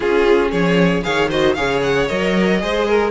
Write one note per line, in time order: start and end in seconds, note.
0.00 0.50 C#4
0.00 1.02 C#4
0.00 0.50 F4
0.00 0.51 G#4
0.50 1.04 F3
0.50 1.02 G#4
0.50 1.03 C#5
1.02 1.57 D#3
1.02 1.29 G#4
1.02 1.29 C#5
1.02 1.29 F5
1.29 1.56 F#4
1.29 1.55 C5
1.29 1.54 D#5
1.54 2.10 C#3
1.54 2.09 G#4
1.54 2.60 C#5
1.54 1.80 F5
1.82 2.08 F#5
2.08 2.62 F#3
2.08 2.59 A#4
2.08 3.10 D#5
2.59 3.10 G#3
2.59 3.10 G#4
2.59 2.88 C5
2.88 3.10 A#4